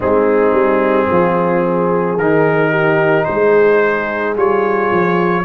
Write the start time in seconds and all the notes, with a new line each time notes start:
0.00 G#3 C4 D#4 G#4
0.52 G3
1.10 F3 F4
1.64 G#4
2.17 D#3 D#4 A#4
2.70 G4
3.24 G#3 G#4 C5
4.36 G3 F4 C#5
4.91 F3